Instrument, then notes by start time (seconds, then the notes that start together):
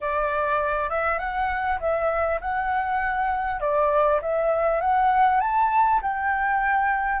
flute
0.00 D5
0.89 E5
1.18 F#5
1.80 E5
2.41 F#5
3.60 D5
4.21 E5
4.81 F#5
5.40 A5
6.02 G5